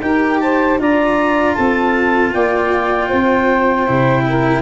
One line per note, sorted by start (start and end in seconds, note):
0.00 0.77 D#4
0.00 0.79 G4
0.00 0.41 A#4
0.00 0.38 G5
0.39 0.79 C5
0.39 0.78 A5
0.78 1.55 D4
0.78 3.86 F4
0.78 1.54 D5
0.78 1.54 A#5
1.54 2.34 C4
1.54 2.31 A4
1.54 2.31 A5
2.32 3.11 A#3
2.32 3.07 D5
2.32 4.61 G5
3.07 3.88 C4
3.07 4.23 C5
3.86 4.61 C3
3.86 4.61 E4
4.28 4.61 A#4